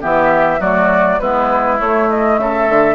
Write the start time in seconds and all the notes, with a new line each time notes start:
0.00 E3 B3 G4 E5
0.59 F#3 A3 F#4 D5
1.19 G#3 B3 E4 B4
1.78 A3 C#5
2.09 D#5
2.37 C#3 A4 E5
2.68 D3